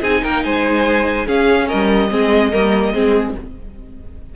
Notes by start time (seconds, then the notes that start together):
0.00 C4 D#4 G#4 G#5
0.22 A#3 A#4 G5
0.44 G#3 C5 G#5
1.26 C#4 G#4 F5
1.67 G3 A#4 D#5
2.10 G#3 C4 G#4
2.51 G3 A#3 A#4
2.93 G#3 C4 G#4